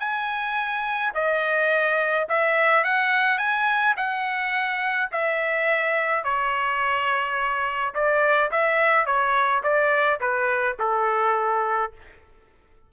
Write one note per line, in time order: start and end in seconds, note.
0.00 1.13 G#5
1.14 2.28 D#5
2.29 2.84 E5
2.84 3.38 F#5
3.38 3.95 G#5
3.97 5.10 F#5
5.12 6.24 E5
6.24 7.94 C#5
7.95 8.51 D5
8.51 9.06 E5
9.06 9.63 C#5
9.64 10.20 D5
10.20 10.77 B4
10.79 11.93 A4